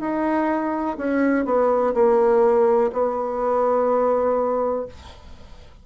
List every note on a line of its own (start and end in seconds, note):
0.00 0.97 D#4
0.98 1.45 C#4
1.45 1.94 B3
1.94 2.91 A#3
2.93 4.86 B3